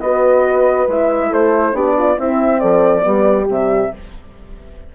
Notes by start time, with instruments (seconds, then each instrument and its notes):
0.00 bassoon B3, horn F#4 B4, flute D#5
0.87 bassoon G#3, horn E4, flute E5
1.29 bassoon A3, horn A4, flute C5
1.72 bassoon B3, horn D4 G4, flute D5
1.98 horn F4
2.17 horn C4 E4, bassoon C4, flute E5
2.59 bassoon F3, horn A4, flute D5
3.02 bassoon G3, horn B3 G4
3.48 bassoon C3, horn G3, flute E5